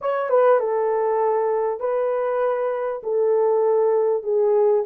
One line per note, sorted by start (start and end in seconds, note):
0.01 0.29 C#5
0.29 0.59 B4
0.59 1.80 A4
1.80 3.01 B4
3.03 4.23 A4
4.23 4.83 G#4